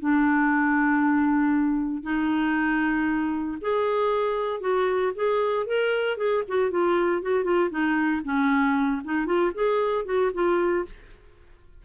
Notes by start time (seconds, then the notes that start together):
0.00 D4
2.03 D#4
3.61 G#4
4.61 F#4
5.15 G#4
5.67 A#4
6.17 G#4
6.48 F#4
6.71 F4
7.22 F#4
7.44 F4
7.71 D#4
8.25 C#4
9.05 D#4
9.26 F4
9.55 G#4
10.06 F#4
10.34 F4